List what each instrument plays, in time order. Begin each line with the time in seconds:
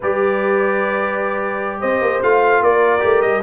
0.00 tuba G3, trombone G4, horn B4, trumpet D5
1.80 tuba C4, horn C5, trumpet D#5
2.01 tuba A#3
2.22 tuba A3, trombone F4, trumpet F5
2.61 tuba A#3, horn A#4, trumpet D5
2.99 tuba A3, trombone G4
3.21 tuba G3, trumpet D#5